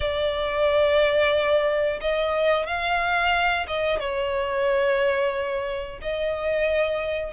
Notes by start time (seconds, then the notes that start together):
0.00 D5
2.00 D#5
2.66 F5
3.67 D#5
3.99 C#5
6.01 D#5